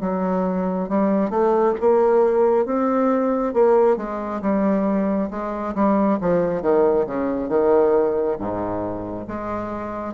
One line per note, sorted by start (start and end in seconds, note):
0.00 0.88 F#3
0.88 1.30 G3
1.30 1.74 A3
1.80 2.65 A#3
2.65 3.53 C4
3.53 3.97 A#3
3.97 4.41 G#3
4.41 5.29 G3
5.30 5.74 G#3
5.74 6.18 G3
6.20 6.61 F3
6.61 7.05 D#3
7.06 7.48 C#3
7.48 8.37 D#3
8.38 9.26 G#2
9.27 10.13 G#3